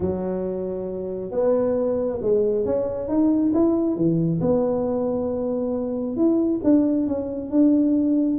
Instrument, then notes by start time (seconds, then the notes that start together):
tuba
0.00 F#3
1.31 B3
2.21 G#3
2.65 C#4
3.08 D#4
3.53 E4
3.96 E3
4.41 B3
6.16 E4
6.63 D4
7.07 C#4
7.50 D4